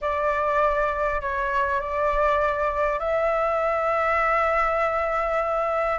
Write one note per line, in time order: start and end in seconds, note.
0.01 1.21 D5
1.21 1.80 C#5
1.80 2.99 D5
2.99 5.98 E5